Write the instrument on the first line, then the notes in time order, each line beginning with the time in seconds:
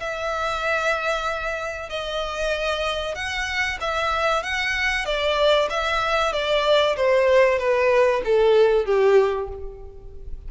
violin
0.00 E5
1.89 D#5
3.15 F#5
3.81 E5
4.43 F#5
5.05 D5
5.70 E5
6.33 D5
6.96 C5
7.58 B4
8.24 A4
8.85 G4